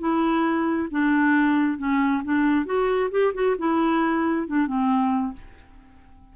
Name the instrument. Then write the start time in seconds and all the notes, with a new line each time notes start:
clarinet
0.00 E4
0.91 D4
1.78 C#4
2.24 D4
2.66 F#4
3.11 G4
3.34 F#4
3.59 E4
4.48 D4
4.67 C4